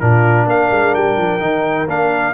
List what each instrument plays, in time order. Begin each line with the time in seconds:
0.00 tuba A#2, trombone D4, horn F4, trumpet A#4
0.46 tuba A#3, horn A#4, trumpet F5
0.71 tuba G#3
0.95 tuba G3, trumpet G5
1.18 tuba F3
1.40 tuba D#3, trombone D#4
1.87 tuba A#3, trombone D4, trumpet F5